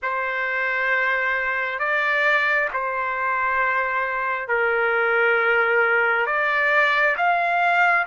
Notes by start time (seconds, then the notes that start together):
0.02 C5
1.79 D5
2.73 C5
4.48 A#4
6.26 D5
7.16 F5